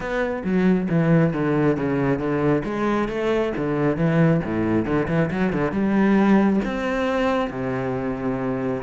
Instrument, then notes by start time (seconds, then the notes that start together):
cello
0.00 B3
0.44 F#3
0.89 E3
1.33 D3
1.76 C#3
2.18 D3
2.64 G#3
3.08 A3
3.56 D3
3.96 E3
4.44 A2
4.85 D3
5.08 E3
5.31 F#3
5.53 D3
5.71 G3
6.64 C4
7.50 C3